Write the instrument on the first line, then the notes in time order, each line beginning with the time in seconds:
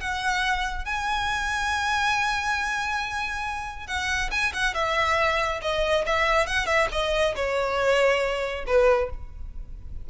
violin
0.00 F#5
0.85 G#5
3.87 F#5
4.31 G#5
4.53 F#5
4.74 E5
5.62 D#5
6.05 E5
6.46 F#5
6.66 E5
6.92 D#5
7.35 C#5
8.66 B4